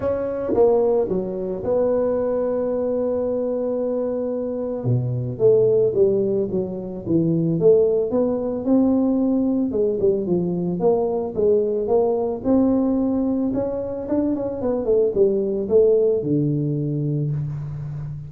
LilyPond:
\new Staff \with { instrumentName = "tuba" } { \time 4/4 \tempo 4 = 111 cis'4 ais4 fis4 b4~ | b1~ | b4 b,4 a4 g4 | fis4 e4 a4 b4 |
c'2 gis8 g8 f4 | ais4 gis4 ais4 c'4~ | c'4 cis'4 d'8 cis'8 b8 a8 | g4 a4 d2 | }